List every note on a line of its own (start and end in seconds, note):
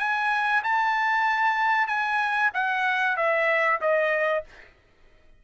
0.00 0.63 G#5
0.64 1.88 A5
1.88 2.51 G#5
2.54 3.17 F#5
3.17 3.80 E5
3.82 4.45 D#5